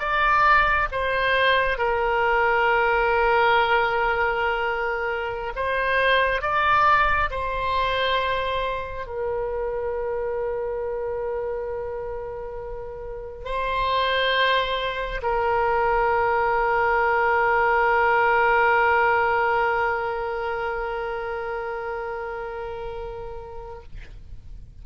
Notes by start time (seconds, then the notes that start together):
0.00 D5
0.92 C5
1.78 A#4
5.56 C5
6.42 D5
7.31 C5
9.07 A#4
13.45 C5
15.23 A#4